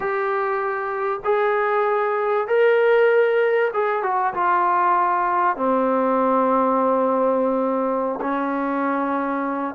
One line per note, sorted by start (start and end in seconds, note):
0.00 1.20 G4
1.24 2.47 G#4
2.47 3.71 A#4
3.73 4.02 G#4
4.02 4.33 F#4
4.34 5.56 F4
5.56 8.19 C4
8.20 9.74 C#4